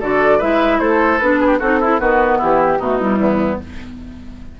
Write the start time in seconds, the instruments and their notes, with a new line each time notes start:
0.00 bassoon D3, clarinet F#4, oboe A4, flute D5
0.38 bassoon G#3, clarinet E4, oboe B4, flute E5
0.79 bassoon A3, oboe A4, flute C5
1.18 bassoon B3, clarinet D4, flute B4
1.40 oboe G#4
1.47 oboe G4
1.59 bassoon C4, clarinet D#4, oboe F#4, flute A4
1.80 oboe E4, clarinet E4
1.98 bassoon D#3, clarinet B3, oboe F#4, flute B4
2.38 bassoon E3, oboe E4, flute G4
2.79 bassoon B2, clarinet A3, oboe D#4, flute F#4
2.99 clarinet G3, flute E4
3.20 bassoon E2, oboe B3